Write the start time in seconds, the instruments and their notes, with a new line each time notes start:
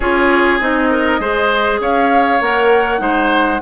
0.00 bassoon C#4, clarinet F4, oboe G#4, flute C#5
0.60 bassoon C4, clarinet D#4, flute D#5
0.90 oboe A#4
1.19 bassoon G#3, clarinet G#4, oboe C5
1.80 bassoon C#4, oboe C#5, flute F5
2.41 bassoon A#3, clarinet A#4, flute F#5
2.98 bassoon G#3, clarinet D#4, oboe C5